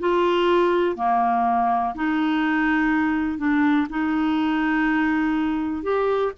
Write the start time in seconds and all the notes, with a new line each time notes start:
0.00 F4
0.96 A#3
1.95 D#4
3.38 D4
3.90 D#4
5.83 G4